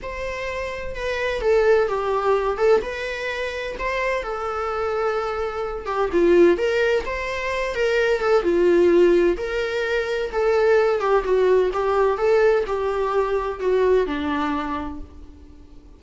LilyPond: \new Staff \with { instrumentName = "viola" } { \time 4/4 \tempo 4 = 128 c''2 b'4 a'4 | g'4. a'8 b'2 | c''4 a'2.~ | a'8 g'8 f'4 ais'4 c''4~ |
c''8 ais'4 a'8 f'2 | ais'2 a'4. g'8 | fis'4 g'4 a'4 g'4~ | g'4 fis'4 d'2 | }